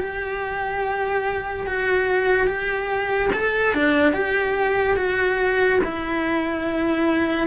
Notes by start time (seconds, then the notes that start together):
0.00 G4
1.67 F#4
2.47 G4
3.33 A4
3.74 D4
4.13 G4
4.97 F#4
5.84 E4